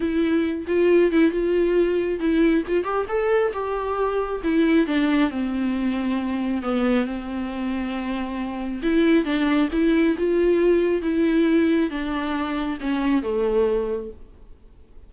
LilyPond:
\new Staff \with { instrumentName = "viola" } { \time 4/4 \tempo 4 = 136 e'4. f'4 e'8 f'4~ | f'4 e'4 f'8 g'8 a'4 | g'2 e'4 d'4 | c'2. b4 |
c'1 | e'4 d'4 e'4 f'4~ | f'4 e'2 d'4~ | d'4 cis'4 a2 | }